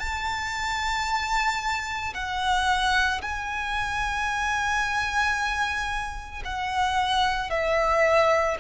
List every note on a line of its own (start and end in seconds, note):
0.00 2.14 A5
2.14 3.21 F#5
3.22 6.43 G#5
6.45 7.50 F#5
7.50 8.58 E5